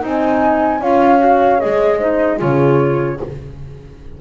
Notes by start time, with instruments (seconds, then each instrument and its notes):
0.00 double bass C4, clarinet D#4, horn D#5, flute G#5
0.80 double bass C#4, clarinet F4, horn C#5, flute F5
1.18 clarinet F#4
1.58 double bass G#3, clarinet G#4, flute D#5
1.98 clarinet D#4, horn C5
2.37 double bass C#3, clarinet F4, horn G#4, flute C#5